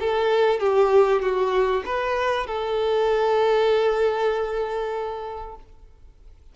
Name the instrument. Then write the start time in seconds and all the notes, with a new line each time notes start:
violin
0.00 A4
0.60 G4
1.22 F#4
1.86 B4
2.47 A4